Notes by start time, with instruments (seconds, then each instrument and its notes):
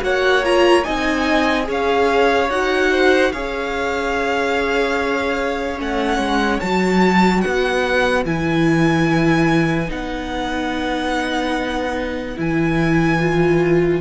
0.00 cello A#3, viola F#4, violin C#5 F#5
0.44 viola F4, violin A#5
0.83 cello C4, viola D#4, violin D#5 G#5
1.64 cello C#4, viola G#4, violin C#5
1.71 violin F5
2.49 cello D#4, viola F#4, violin F#5
2.91 violin C5
3.32 cello C#4, viola G#4, violin C#5 F5
5.77 cello A3, viola C#4, violin F#5
6.18 cello G#3
6.60 cello F#3, viola F#4, violin A5
7.41 cello B3, violin B4 F#5
8.25 cello E3, viola E4, violin G#5
9.88 cello B3, viola D#4, violin F#5
12.36 cello E3, viola E4, violin G#5
13.19 viola F4